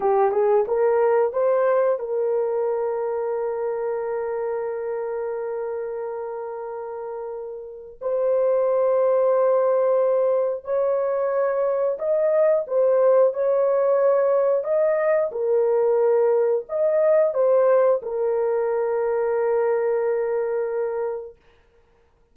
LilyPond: \new Staff \with { instrumentName = "horn" } { \time 4/4 \tempo 4 = 90 g'8 gis'8 ais'4 c''4 ais'4~ | ais'1~ | ais'1 | c''1 |
cis''2 dis''4 c''4 | cis''2 dis''4 ais'4~ | ais'4 dis''4 c''4 ais'4~ | ais'1 | }